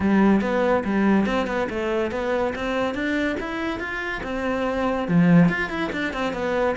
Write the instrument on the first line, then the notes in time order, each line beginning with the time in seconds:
cello
0.00 G3
0.41 B3
0.84 G3
1.26 C4
1.46 B3
1.69 A3
2.11 B3
2.55 C4
2.94 D4
3.40 E4
3.79 F4
4.23 C4
5.08 F3
5.48 F4
5.69 E4
5.92 D4
6.13 C4
6.33 B3